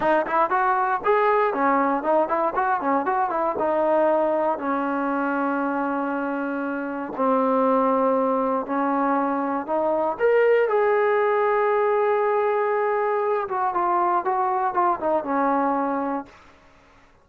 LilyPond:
\new Staff \with { instrumentName = "trombone" } { \time 4/4 \tempo 4 = 118 dis'8 e'8 fis'4 gis'4 cis'4 | dis'8 e'8 fis'8 cis'8 fis'8 e'8 dis'4~ | dis'4 cis'2.~ | cis'2 c'2~ |
c'4 cis'2 dis'4 | ais'4 gis'2.~ | gis'2~ gis'8 fis'8 f'4 | fis'4 f'8 dis'8 cis'2 | }